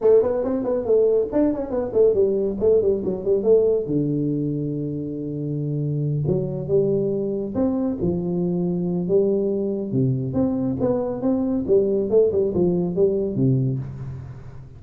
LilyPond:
\new Staff \with { instrumentName = "tuba" } { \time 4/4 \tempo 4 = 139 a8 b8 c'8 b8 a4 d'8 cis'8 | b8 a8 g4 a8 g8 fis8 g8 | a4 d2.~ | d2~ d8 fis4 g8~ |
g4. c'4 f4.~ | f4 g2 c4 | c'4 b4 c'4 g4 | a8 g8 f4 g4 c4 | }